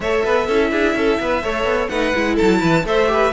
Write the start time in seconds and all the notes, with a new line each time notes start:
0.00 A3 A4 C#5 E5
0.25 B3 B4
0.46 C#4 E4 A4
0.71 D4 G#4
0.94 C#4 A4
1.19 B3 B4
1.43 A3 A4 C#5
1.64 B3
1.88 A3 D#4 B4 F#5
2.13 G#3 E4
2.34 A4 A5
2.41 F#3
2.60 E3 B4
2.84 A3 A4 C5 E5
3.07 G4 B4